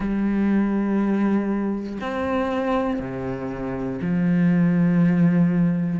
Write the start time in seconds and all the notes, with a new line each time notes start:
0.00 G3
2.00 C4
3.00 C3
4.00 F3